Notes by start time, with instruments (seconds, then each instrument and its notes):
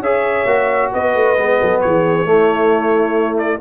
0.00 tuba C#4, trombone G#4, horn C#5, trumpet E5
0.46 tuba A#3, trombone F#4
0.93 tuba B3, horn B4, trumpet D#5
1.15 tuba A3
1.38 tuba G#3, trombone B3
1.59 tuba F#3, horn A4
1.81 tuba E3, horn G#4, trumpet C#5
2.26 tuba A3, trombone A3, horn E4
3.38 trumpet D5